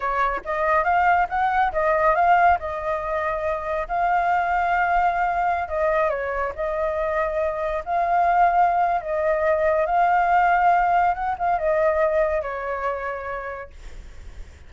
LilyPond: \new Staff \with { instrumentName = "flute" } { \time 4/4 \tempo 4 = 140 cis''4 dis''4 f''4 fis''4 | dis''4 f''4 dis''2~ | dis''4 f''2.~ | f''4~ f''16 dis''4 cis''4 dis''8.~ |
dis''2~ dis''16 f''4.~ f''16~ | f''4 dis''2 f''4~ | f''2 fis''8 f''8 dis''4~ | dis''4 cis''2. | }